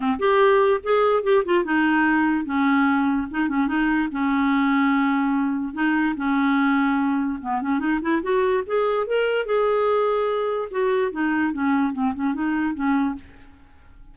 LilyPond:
\new Staff \with { instrumentName = "clarinet" } { \time 4/4 \tempo 4 = 146 c'8 g'4. gis'4 g'8 f'8 | dis'2 cis'2 | dis'8 cis'8 dis'4 cis'2~ | cis'2 dis'4 cis'4~ |
cis'2 b8 cis'8 dis'8 e'8 | fis'4 gis'4 ais'4 gis'4~ | gis'2 fis'4 dis'4 | cis'4 c'8 cis'8 dis'4 cis'4 | }